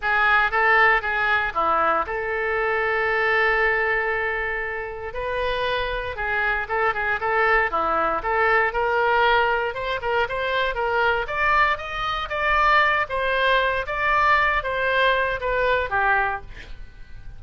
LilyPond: \new Staff \with { instrumentName = "oboe" } { \time 4/4 \tempo 4 = 117 gis'4 a'4 gis'4 e'4 | a'1~ | a'2 b'2 | gis'4 a'8 gis'8 a'4 e'4 |
a'4 ais'2 c''8 ais'8 | c''4 ais'4 d''4 dis''4 | d''4. c''4. d''4~ | d''8 c''4. b'4 g'4 | }